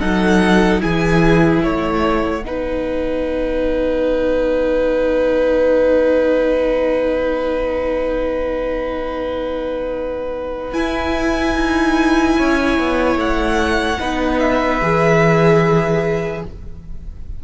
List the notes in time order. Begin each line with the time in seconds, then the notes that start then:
0.00 F#3 D#4 A4 F#5
0.80 E3 E4 G#4 G#5
1.62 A3 C#5 F#5
2.42 B3 D#4 B4
10.72 E4 G#5
11.55 D#4
12.37 C#4 C#5
12.78 B3
13.16 A3 F#5
13.99 B3 D#4 B4
14.39 E5
14.81 E3 G#4